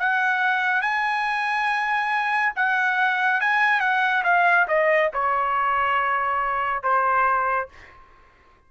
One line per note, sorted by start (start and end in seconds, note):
0.00 0.82 F#5
0.82 2.53 G#5
2.56 3.41 F#5
3.41 3.81 G#5
3.81 4.24 F#5
4.24 4.67 F5
4.68 5.11 D#5
5.14 6.83 C#5
6.83 7.69 C5